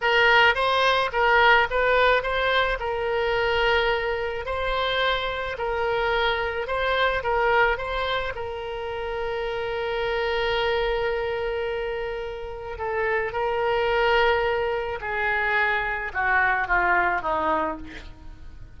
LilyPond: \new Staff \with { instrumentName = "oboe" } { \time 4/4 \tempo 4 = 108 ais'4 c''4 ais'4 b'4 | c''4 ais'2. | c''2 ais'2 | c''4 ais'4 c''4 ais'4~ |
ais'1~ | ais'2. a'4 | ais'2. gis'4~ | gis'4 fis'4 f'4 dis'4 | }